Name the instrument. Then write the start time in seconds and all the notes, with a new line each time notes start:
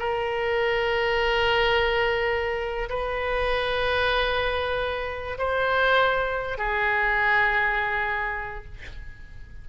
oboe
0.00 A#4
2.90 B4
5.38 C5
6.58 G#4